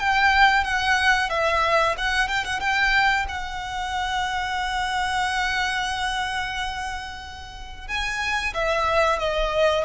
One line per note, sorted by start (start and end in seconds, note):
0.00 0.64 G5
0.64 1.30 F#5
1.30 1.96 E5
1.98 2.28 F#5
2.28 2.45 G5
2.45 2.60 F#5
2.60 3.26 G5
3.29 7.88 F#5
7.88 8.54 G#5
8.54 9.19 E5
9.19 9.85 D#5